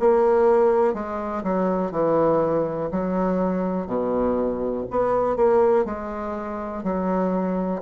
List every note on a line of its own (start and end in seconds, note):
0.00 0.94 A#3
0.94 1.43 G#3
1.44 1.91 F#3
1.91 2.90 E3
2.92 3.87 F#3
3.87 4.85 B2
4.91 5.37 B3
5.37 5.85 A#3
5.85 6.84 G#3
6.84 7.82 F#3